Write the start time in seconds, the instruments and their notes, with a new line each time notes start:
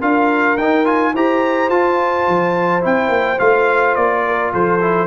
0.00 tuba D4, trombone F4, horn A#4, trumpet F5
0.57 tuba D#4, trombone D#4, trumpet G5
0.85 trombone F4, trumpet G#5
1.13 tuba E4, trombone G4, horn C5, trumpet A#5
1.69 tuba F4, trombone F4, trumpet A5
2.28 tuba F3
2.81 tuba C4, trombone E4, trumpet G5
3.08 tuba A#3
3.38 tuba A3, trombone F4, trumpet F5
3.95 tuba A#3, trumpet D5
4.26 horn A#4
4.52 tuba F3, horn A4, trumpet C5
4.81 trombone E4